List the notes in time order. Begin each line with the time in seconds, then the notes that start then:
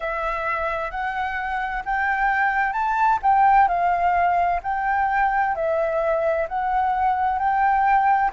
0.00 E5
0.91 F#5
1.85 G5
2.72 A5
3.22 G5
3.68 F5
4.62 G5
5.55 E5
6.48 F#5
7.38 G5